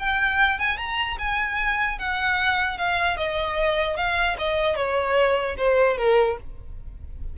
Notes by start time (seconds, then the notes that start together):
0.00 G5
0.59 G#5
0.78 A#5
1.19 G#5
1.99 F#5
2.78 F5
3.17 D#5
3.97 F5
4.39 D#5
4.76 C#5
5.58 C5
5.98 A#4